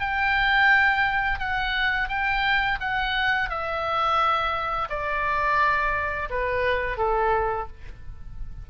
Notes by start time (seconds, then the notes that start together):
0.00 G5
1.39 F#5
2.09 G5
2.80 F#5
3.49 E5
4.89 D5
6.30 B4
6.98 A4